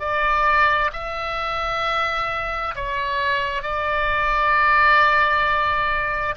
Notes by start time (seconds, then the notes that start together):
0.00 D5
0.93 E5
2.75 C#5
3.63 D5